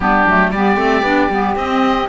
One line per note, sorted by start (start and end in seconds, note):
0.00 0.25 G3
0.00 0.27 B3
0.00 0.52 D4
0.00 0.50 G4
0.26 0.50 F#3
0.26 0.54 A3
0.50 0.76 G3
0.50 0.77 B3
0.50 2.08 G4
0.50 1.55 D5
0.76 1.02 A3
0.76 1.03 C4
1.02 1.28 B3
1.02 1.30 D4
1.29 1.55 G3
1.29 1.57 B3
1.55 2.07 C4
1.55 2.08 C4
1.55 2.08 D#5